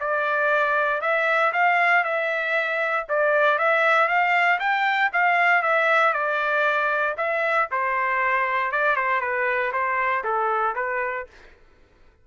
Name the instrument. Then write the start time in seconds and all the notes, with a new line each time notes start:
trumpet
0.00 D5
1.01 E5
1.53 F5
2.04 E5
3.09 D5
3.58 E5
4.08 F5
4.59 G5
5.13 F5
5.62 E5
6.13 D5
7.17 E5
7.71 C5
8.71 D5
8.96 C5
9.21 B4
9.72 C5
10.24 A4
10.75 B4